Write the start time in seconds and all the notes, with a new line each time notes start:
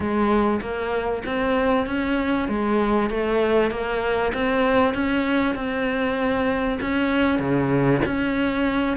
0.00 G#3
0.61 A#3
1.25 C4
1.86 C#4
2.48 G#3
3.09 A3
3.70 A#3
4.33 C4
4.94 C#4
5.55 C4
6.80 C#4
7.39 C#3
8.05 C#4